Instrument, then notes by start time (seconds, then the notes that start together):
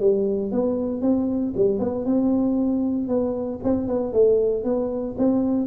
tuba
0.00 G3
0.52 B3
1.02 C4
1.57 G3
1.79 B3
2.05 C4
3.08 B3
3.64 C4
3.88 B3
4.13 A3
4.64 B3
5.18 C4